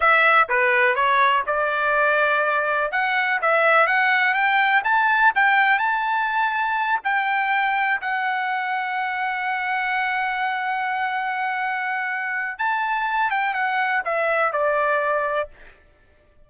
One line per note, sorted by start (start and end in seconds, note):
0.00 0.48 E5
0.48 0.95 B4
0.95 1.43 C#5
1.46 2.91 D5
2.91 3.40 F#5
3.41 3.87 E5
3.87 4.34 F#5
4.34 4.82 G5
4.84 5.32 A5
5.35 5.78 G5
5.78 6.99 A5
7.03 8.00 G5
8.01 12.58 F#5
12.58 13.30 A5
13.30 13.54 G5
13.54 14.02 F#5
14.04 14.52 E5
14.52 15.49 D5